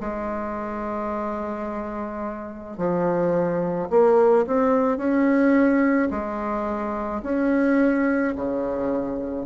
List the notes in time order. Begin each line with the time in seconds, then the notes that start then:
0.00 G#3
2.78 F3
3.90 A#3
4.46 C4
4.97 C#4
6.11 G#3
7.23 C#4
8.35 C#3